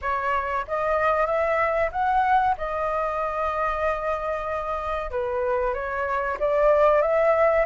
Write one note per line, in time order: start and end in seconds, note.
0.01 0.65 C#5
0.67 1.26 D#5
1.26 1.90 E5
1.91 2.55 F#5
2.57 5.10 D#5
5.10 5.73 B4
5.73 6.37 C#5
6.39 7.01 D5
7.01 7.65 E5